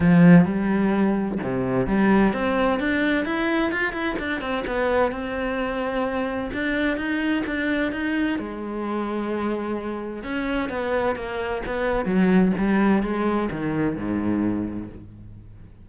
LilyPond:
\new Staff \with { instrumentName = "cello" } { \time 4/4 \tempo 4 = 129 f4 g2 c4 | g4 c'4 d'4 e'4 | f'8 e'8 d'8 c'8 b4 c'4~ | c'2 d'4 dis'4 |
d'4 dis'4 gis2~ | gis2 cis'4 b4 | ais4 b4 fis4 g4 | gis4 dis4 gis,2 | }